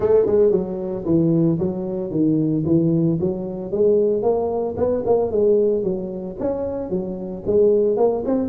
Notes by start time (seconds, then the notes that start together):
0.00 A3
0.26 G#3
0.51 F#3
1.05 E3
1.58 F#3
2.10 D#3
2.65 E3
3.20 F#3
3.71 G#3
4.22 A#3
4.76 B3
5.05 A#3
5.31 G#3
5.83 F#3
6.39 C#4
6.90 F#3
7.46 G#3
7.96 A#3
8.25 C4